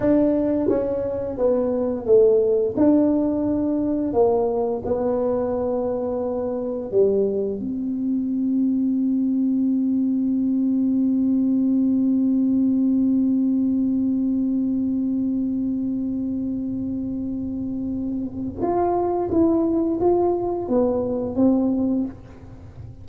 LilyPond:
\new Staff \with { instrumentName = "tuba" } { \time 4/4 \tempo 4 = 87 d'4 cis'4 b4 a4 | d'2 ais4 b4~ | b2 g4 c'4~ | c'1~ |
c'1~ | c'1~ | c'2. f'4 | e'4 f'4 b4 c'4 | }